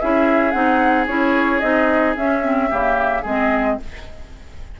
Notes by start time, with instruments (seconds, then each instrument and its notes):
0.00 bassoon C#4, clarinet E4, oboe G#4, flute E5
0.51 bassoon C4, clarinet D#4, flute F#5
1.07 bassoon C#4, clarinet E4, flute C#5
1.60 bassoon C4, clarinet D#4, flute D#5
2.17 clarinet C#4, bassoon C#4, flute E5
2.42 clarinet C4
2.69 bassoon C#3, clarinet A#3, oboe G4
3.22 bassoon G#3, clarinet C4, oboe G#4, flute D#5